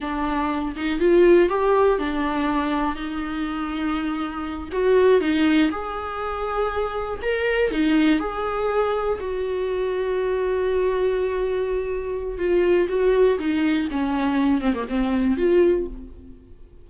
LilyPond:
\new Staff \with { instrumentName = "viola" } { \time 4/4 \tempo 4 = 121 d'4. dis'8 f'4 g'4 | d'2 dis'2~ | dis'4. fis'4 dis'4 gis'8~ | gis'2~ gis'8 ais'4 dis'8~ |
dis'8 gis'2 fis'4.~ | fis'1~ | fis'4 f'4 fis'4 dis'4 | cis'4. c'16 ais16 c'4 f'4 | }